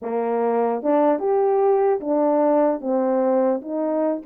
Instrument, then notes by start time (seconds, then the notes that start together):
horn
0.02 A#3
0.83 D4
1.19 G4
2.00 D4
2.80 C4
3.61 D#4